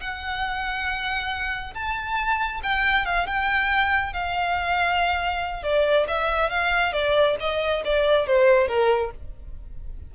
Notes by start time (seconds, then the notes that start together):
0.00 F#5
1.74 A5
2.63 G5
3.05 F5
3.26 G5
4.13 F5
5.63 D5
6.08 E5
6.50 F5
6.93 D5
7.40 D#5
7.85 D5
8.27 C5
8.68 A#4